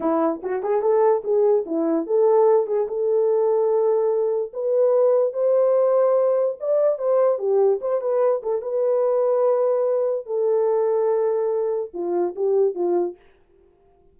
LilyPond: \new Staff \with { instrumentName = "horn" } { \time 4/4 \tempo 4 = 146 e'4 fis'8 gis'8 a'4 gis'4 | e'4 a'4. gis'8 a'4~ | a'2. b'4~ | b'4 c''2. |
d''4 c''4 g'4 c''8 b'8~ | b'8 a'8 b'2.~ | b'4 a'2.~ | a'4 f'4 g'4 f'4 | }